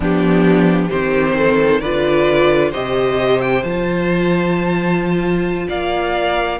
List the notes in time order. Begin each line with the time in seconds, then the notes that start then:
0.00 F3 B3 D4 G4
0.89 D#3 C4 G4 C5
1.37 A4
1.80 D3 F4 B4 D5
2.70 C3 G4 C5 D#5
3.41 G5
3.63 F3 F4 A5
5.68 A#3 D5 F5